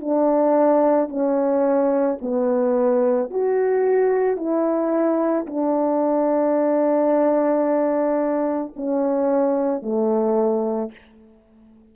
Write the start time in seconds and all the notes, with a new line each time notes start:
0.00 D4
1.09 C#4
2.22 B3
3.30 F#4
4.37 E4
5.47 D4
8.77 C#4
9.82 A3